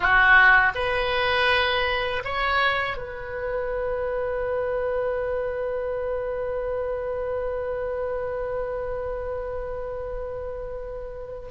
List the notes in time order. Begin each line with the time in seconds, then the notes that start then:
0.00 F#4
0.74 B4
2.24 C#5
2.97 B4